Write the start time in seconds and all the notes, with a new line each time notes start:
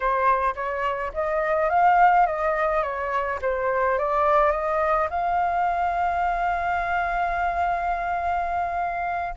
0.00 C5
0.55 C#5
1.13 D#5
1.69 F5
2.26 D#5
2.82 C#5
3.41 C5
3.98 D5
4.51 D#5
5.10 F5